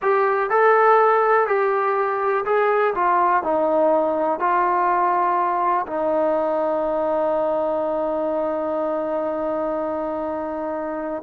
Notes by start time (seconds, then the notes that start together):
0.01 G4
0.50 A4
1.47 G4
2.45 G#4
2.94 F4
3.43 D#4
4.39 F4
5.87 D#4